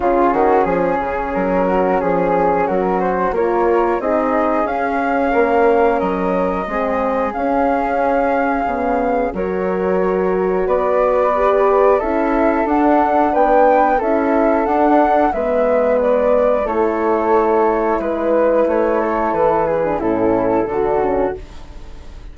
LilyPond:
<<
  \new Staff \with { instrumentName = "flute" } { \time 4/4 \tempo 4 = 90 gis'2 ais'4 gis'4 | ais'8 c''8 cis''4 dis''4 f''4~ | f''4 dis''2 f''4~ | f''2 cis''2 |
d''2 e''4 fis''4 | g''4 e''4 fis''4 e''4 | d''4 cis''2 b'4 | cis''4 b'4 a'2 | }
  \new Staff \with { instrumentName = "flute" } { \time 4/4 f'8 fis'8 gis'4. fis'8 gis'4 | fis'4 ais'4 gis'2 | ais'2 gis'2~ | gis'2 ais'2 |
b'2 a'2 | b'4 a'2 b'4~ | b'4 a'2 b'4~ | b'8 a'4 gis'8 e'4 fis'4 | }
  \new Staff \with { instrumentName = "horn" } { \time 4/4 cis'1~ | cis'4 f'4 dis'4 cis'4~ | cis'2 c'4 cis'4~ | cis'4 b4 fis'2~ |
fis'4 g'4 e'4 d'4~ | d'4 e'4 d'4 b4~ | b4 e'2.~ | e'4.~ e'16 d'16 cis'4 d'8 cis'8 | }
  \new Staff \with { instrumentName = "bassoon" } { \time 4/4 cis8 dis8 f8 cis8 fis4 f4 | fis4 ais4 c'4 cis'4 | ais4 fis4 gis4 cis'4~ | cis'4 cis4 fis2 |
b2 cis'4 d'4 | b4 cis'4 d'4 gis4~ | gis4 a2 gis4 | a4 e4 a,4 d4 | }
>>